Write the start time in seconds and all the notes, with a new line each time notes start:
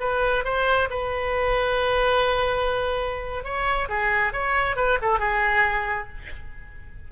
0.00 B4
0.44 C5
0.90 B4
3.44 C#5
3.89 G#4
4.33 C#5
4.76 B4
5.02 A4
5.19 G#4